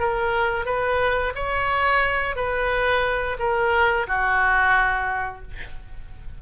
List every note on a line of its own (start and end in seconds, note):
0.00 0.66 A#4
0.66 1.33 B4
1.35 2.36 C#5
2.36 3.37 B4
3.40 4.07 A#4
4.08 5.43 F#4